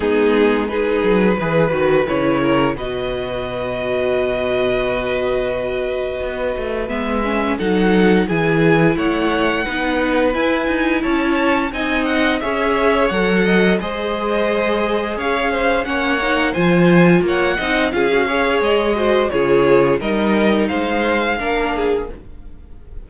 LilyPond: <<
  \new Staff \with { instrumentName = "violin" } { \time 4/4 \tempo 4 = 87 gis'4 b'2 cis''4 | dis''1~ | dis''2 e''4 fis''4 | gis''4 fis''2 gis''4 |
a''4 gis''8 fis''8 e''4 fis''4 | dis''2 f''4 fis''4 | gis''4 fis''4 f''4 dis''4 | cis''4 dis''4 f''2 | }
  \new Staff \with { instrumentName = "violin" } { \time 4/4 dis'4 gis'4 b'4. ais'8 | b'1~ | b'2. a'4 | gis'4 cis''4 b'2 |
cis''4 dis''4 cis''4. dis''8 | c''2 cis''8 c''8 cis''4 | c''4 cis''8 dis''8 gis'8 cis''4 c''8 | gis'4 ais'4 c''4 ais'8 gis'8 | }
  \new Staff \with { instrumentName = "viola" } { \time 4/4 b4 dis'4 gis'8 fis'8 e'4 | fis'1~ | fis'2 b8 cis'8 dis'4 | e'2 dis'4 e'4~ |
e'4 dis'4 gis'4 a'4 | gis'2. cis'8 dis'8 | f'4. dis'8 f'16 fis'16 gis'4 fis'8 | f'4 dis'2 d'4 | }
  \new Staff \with { instrumentName = "cello" } { \time 4/4 gis4. fis8 e8 dis8 cis4 | b,1~ | b,4 b8 a8 gis4 fis4 | e4 a4 b4 e'8 dis'8 |
cis'4 c'4 cis'4 fis4 | gis2 cis'4 ais4 | f4 ais8 c'8 cis'4 gis4 | cis4 g4 gis4 ais4 | }
>>